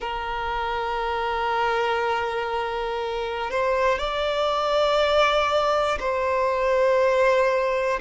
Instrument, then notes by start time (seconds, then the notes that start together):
violin
0.00 A#4
3.50 C5
3.98 D5
6.00 C5